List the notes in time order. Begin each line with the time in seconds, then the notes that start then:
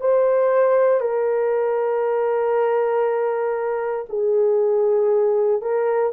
0.00 C5
1.00 A#4
4.09 G#4
5.61 A#4